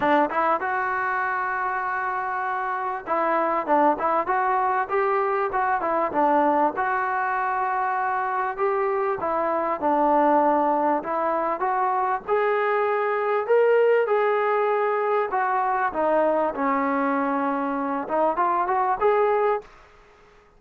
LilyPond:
\new Staff \with { instrumentName = "trombone" } { \time 4/4 \tempo 4 = 98 d'8 e'8 fis'2.~ | fis'4 e'4 d'8 e'8 fis'4 | g'4 fis'8 e'8 d'4 fis'4~ | fis'2 g'4 e'4 |
d'2 e'4 fis'4 | gis'2 ais'4 gis'4~ | gis'4 fis'4 dis'4 cis'4~ | cis'4. dis'8 f'8 fis'8 gis'4 | }